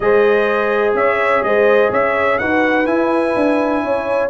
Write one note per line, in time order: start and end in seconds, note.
0.00 0.94 G#3
0.00 2.41 G#4
0.00 0.98 C5
0.00 0.94 D#5
0.94 1.42 C#4
0.94 1.46 C#5
0.94 1.43 E5
1.42 1.90 G#3
1.42 1.91 C5
1.42 1.91 D#5
1.91 2.39 C#4
1.91 2.39 C#5
1.91 2.38 E5
2.38 2.86 D#4
2.38 2.86 F#4
2.38 3.83 B4
2.38 2.86 F#5
2.86 3.34 E4
2.86 4.29 E4
2.86 4.29 G#5
3.36 3.83 D4
3.83 4.29 C#4
3.83 4.29 C#5